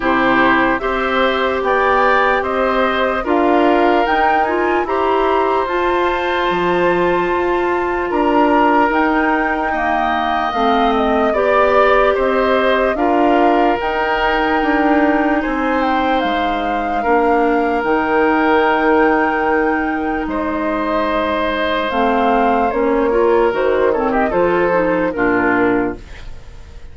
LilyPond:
<<
  \new Staff \with { instrumentName = "flute" } { \time 4/4 \tempo 4 = 74 c''4 e''4 g''4 dis''4 | f''4 g''8 gis''8 ais''4 a''4~ | a''2 ais''4 g''4~ | g''4 f''8 dis''8 d''4 dis''4 |
f''4 g''2 gis''8 g''8 | f''2 g''2~ | g''4 dis''2 f''4 | cis''4 c''8 cis''16 dis''16 c''4 ais'4 | }
  \new Staff \with { instrumentName = "oboe" } { \time 4/4 g'4 c''4 d''4 c''4 | ais'2 c''2~ | c''2 ais'2 | dis''2 d''4 c''4 |
ais'2. c''4~ | c''4 ais'2.~ | ais'4 c''2.~ | c''8 ais'4 a'16 g'16 a'4 f'4 | }
  \new Staff \with { instrumentName = "clarinet" } { \time 4/4 e'4 g'2. | f'4 dis'8 f'8 g'4 f'4~ | f'2. dis'4 | ais4 c'4 g'2 |
f'4 dis'2.~ | dis'4 d'4 dis'2~ | dis'2. c'4 | cis'8 f'8 fis'8 c'8 f'8 dis'8 d'4 | }
  \new Staff \with { instrumentName = "bassoon" } { \time 4/4 c4 c'4 b4 c'4 | d'4 dis'4 e'4 f'4 | f4 f'4 d'4 dis'4~ | dis'4 a4 b4 c'4 |
d'4 dis'4 d'4 c'4 | gis4 ais4 dis2~ | dis4 gis2 a4 | ais4 dis4 f4 ais,4 | }
>>